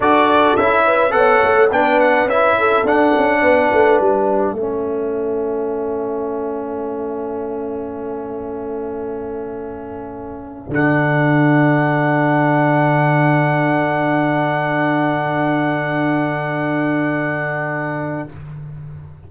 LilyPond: <<
  \new Staff \with { instrumentName = "trumpet" } { \time 4/4 \tempo 4 = 105 d''4 e''4 fis''4 g''8 fis''8 | e''4 fis''2 e''4~ | e''1~ | e''1~ |
e''2~ e''8. fis''4~ fis''16~ | fis''1~ | fis''1~ | fis''1 | }
  \new Staff \with { instrumentName = "horn" } { \time 4/4 a'4. b'8 cis''4 b'4~ | b'8 a'4. b'2 | a'1~ | a'1~ |
a'1~ | a'1~ | a'1~ | a'1 | }
  \new Staff \with { instrumentName = "trombone" } { \time 4/4 fis'4 e'4 a'4 d'4 | e'4 d'2. | cis'1~ | cis'1~ |
cis'2~ cis'8. d'4~ d'16~ | d'1~ | d'1~ | d'1 | }
  \new Staff \with { instrumentName = "tuba" } { \time 4/4 d'4 cis'4 b8 a8 b4 | cis'4 d'8 cis'8 b8 a8 g4 | a1~ | a1~ |
a2~ a8. d4~ d16~ | d1~ | d1~ | d1 | }
>>